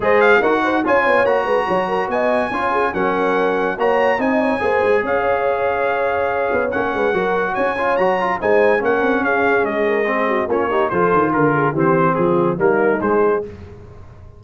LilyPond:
<<
  \new Staff \with { instrumentName = "trumpet" } { \time 4/4 \tempo 4 = 143 dis''8 f''8 fis''4 gis''4 ais''4~ | ais''4 gis''2 fis''4~ | fis''4 ais''4 gis''2 | f''1 |
fis''2 gis''4 ais''4 | gis''4 fis''4 f''4 dis''4~ | dis''4 cis''4 c''4 ais'4 | c''4 gis'4 ais'4 c''4 | }
  \new Staff \with { instrumentName = "horn" } { \time 4/4 c''4 ais'8 c''8 cis''4. b'8 | cis''8 ais'8 dis''4 cis''8 gis'8 ais'4~ | ais'4 cis''4 dis''8 cis''8 c''4 | cis''1~ |
cis''8 b'8 ais'4 cis''2 | c''4 ais'4 gis'4. ais'8 | gis'8 fis'8 f'8 g'8 a'4 ais'8 gis'8 | g'4 f'4 dis'2 | }
  \new Staff \with { instrumentName = "trombone" } { \time 4/4 gis'4 fis'4 f'4 fis'4~ | fis'2 f'4 cis'4~ | cis'4 fis'4 dis'4 gis'4~ | gis'1 |
cis'4 fis'4. f'8 fis'8 f'8 | dis'4 cis'2. | c'4 cis'8 dis'8 f'2 | c'2 ais4 gis4 | }
  \new Staff \with { instrumentName = "tuba" } { \time 4/4 gis4 dis'4 cis'8 b8 ais8 gis8 | fis4 b4 cis'4 fis4~ | fis4 ais4 c'4 ais8 gis8 | cis'2.~ cis'8 b8 |
ais8 gis8 fis4 cis'4 fis4 | gis4 ais8 c'8 cis'4 gis4~ | gis4 ais4 f8 dis8 d4 | e4 f4 g4 gis4 | }
>>